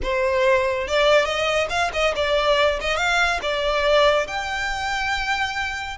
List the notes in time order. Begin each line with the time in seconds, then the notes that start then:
0.02 C5
0.87 D5
1.25 D#5
1.69 F5
1.93 D#5
2.15 D5
2.80 D#5
2.97 F5
3.42 D5
4.27 G5